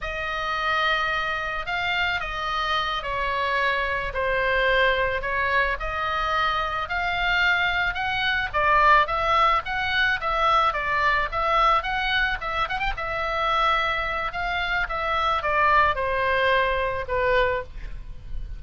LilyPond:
\new Staff \with { instrumentName = "oboe" } { \time 4/4 \tempo 4 = 109 dis''2. f''4 | dis''4. cis''2 c''8~ | c''4. cis''4 dis''4.~ | dis''8 f''2 fis''4 d''8~ |
d''8 e''4 fis''4 e''4 d''8~ | d''8 e''4 fis''4 e''8 fis''16 g''16 e''8~ | e''2 f''4 e''4 | d''4 c''2 b'4 | }